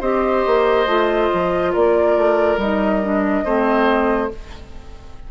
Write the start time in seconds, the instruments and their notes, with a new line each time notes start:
0.00 bassoon C4, clarinet G4, oboe C5, flute D#5
0.46 bassoon A#3
0.86 bassoon A3, clarinet F4
1.33 bassoon F3
1.72 bassoon A#3, oboe A#4, flute D5
2.17 bassoon A3
2.57 bassoon G3, clarinet D#4, flute D#5
3.02 clarinet D4
3.44 bassoon A3, clarinet C4, oboe C5